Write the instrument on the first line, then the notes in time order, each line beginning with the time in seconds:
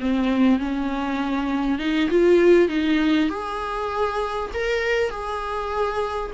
viola
0.00 C4
0.59 C#4
1.78 D#4
2.10 F4
2.69 D#4
3.29 G#4
4.53 A#4
5.10 G#4